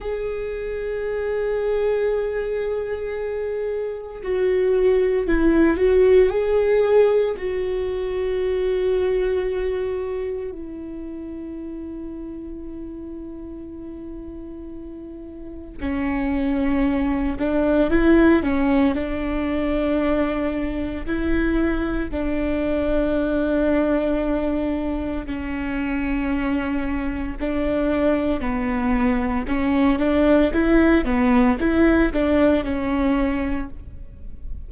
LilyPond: \new Staff \with { instrumentName = "viola" } { \time 4/4 \tempo 4 = 57 gis'1 | fis'4 e'8 fis'8 gis'4 fis'4~ | fis'2 e'2~ | e'2. cis'4~ |
cis'8 d'8 e'8 cis'8 d'2 | e'4 d'2. | cis'2 d'4 b4 | cis'8 d'8 e'8 b8 e'8 d'8 cis'4 | }